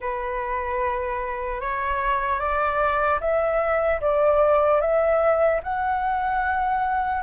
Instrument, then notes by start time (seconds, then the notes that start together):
flute
0.00 B4
1.60 C#5
2.39 D5
3.20 E5
4.00 D5
4.80 E5
5.63 F#5